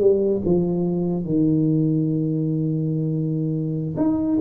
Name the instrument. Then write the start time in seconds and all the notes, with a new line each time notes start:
tuba
0.00 G3
0.45 F3
1.25 D#3
3.97 D#4